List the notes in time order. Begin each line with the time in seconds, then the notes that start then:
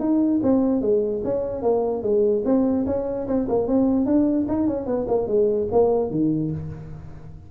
0.00 D#4
0.43 C4
0.82 G#3
1.24 C#4
1.62 A#3
2.03 G#3
2.45 C4
2.86 C#4
3.27 C4
3.49 A#3
3.68 C4
4.06 D4
4.48 D#4
4.67 C#4
4.86 B3
5.08 A#3
5.28 G#3
5.72 A#3
6.11 D#3